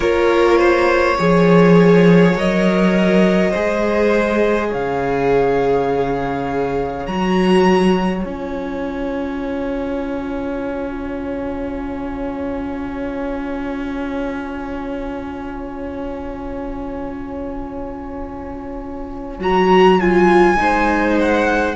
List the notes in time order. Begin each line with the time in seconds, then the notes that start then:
0.00 A#3 F4 A#4 C#5
0.58 C5
1.17 F3 G#4 C#5
2.35 F#3 A#4 D#5
3.50 G#3 G#4 C5
4.69 C#3 C#5 F5
7.06 F#3 F#4 A#5
8.21 C#4 F4 G#5
19.38 F#3 F#4 A#5
20.00 F4 G#5
20.56 G#3 D#4 C5
21.20 F#5